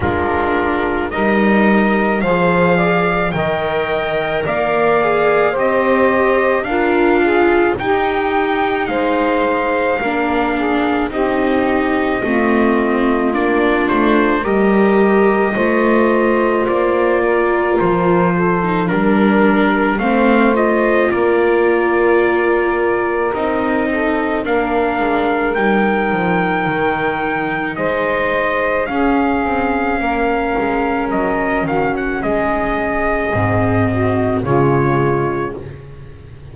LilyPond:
<<
  \new Staff \with { instrumentName = "trumpet" } { \time 4/4 \tempo 4 = 54 ais'4 dis''4 f''4 g''4 | f''4 dis''4 f''4 g''4 | f''2 dis''2 | d''8 c''8 dis''2 d''4 |
c''4 ais'4 f''8 dis''8 d''4~ | d''4 dis''4 f''4 g''4~ | g''4 dis''4 f''2 | dis''8 f''16 fis''16 dis''2 cis''4 | }
  \new Staff \with { instrumentName = "saxophone" } { \time 4/4 f'4 ais'4 c''8 d''8 dis''4 | d''4 c''4 ais'8 gis'8 g'4 | c''4 ais'8 gis'8 g'4 f'4~ | f'4 ais'4 c''4. ais'8~ |
ais'8 a'8 ais'4 c''4 ais'4~ | ais'4. a'8 ais'2~ | ais'4 c''4 gis'4 ais'4~ | ais'8 fis'8 gis'4. fis'8 f'4 | }
  \new Staff \with { instrumentName = "viola" } { \time 4/4 d'4 dis'4 gis'4 ais'4~ | ais'8 gis'8 g'4 f'4 dis'4~ | dis'4 d'4 dis'4 c'4 | d'4 g'4 f'2~ |
f'8. dis'16 d'4 c'8 f'4.~ | f'4 dis'4 d'4 dis'4~ | dis'2 cis'2~ | cis'2 c'4 gis4 | }
  \new Staff \with { instrumentName = "double bass" } { \time 4/4 gis4 g4 f4 dis4 | ais4 c'4 d'4 dis'4 | gis4 ais4 c'4 a4 | ais8 a8 g4 a4 ais4 |
f4 g4 a4 ais4~ | ais4 c'4 ais8 gis8 g8 f8 | dis4 gis4 cis'8 c'8 ais8 gis8 | fis8 dis8 gis4 gis,4 cis4 | }
>>